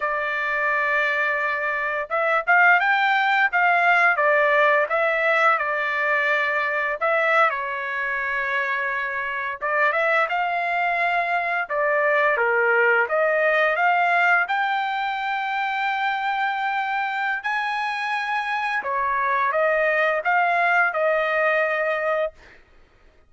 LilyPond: \new Staff \with { instrumentName = "trumpet" } { \time 4/4 \tempo 4 = 86 d''2. e''8 f''8 | g''4 f''4 d''4 e''4 | d''2 e''8. cis''4~ cis''16~ | cis''4.~ cis''16 d''8 e''8 f''4~ f''16~ |
f''8. d''4 ais'4 dis''4 f''16~ | f''8. g''2.~ g''16~ | g''4 gis''2 cis''4 | dis''4 f''4 dis''2 | }